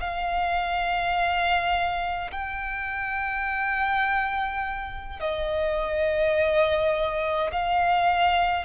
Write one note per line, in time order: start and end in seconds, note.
0.00 2.31 F5
2.31 5.20 G5
5.20 7.51 D#5
7.52 8.65 F5